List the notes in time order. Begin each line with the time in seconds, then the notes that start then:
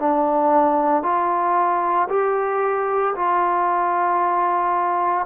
0.00 D4
1.03 F4
2.10 G4
3.16 F4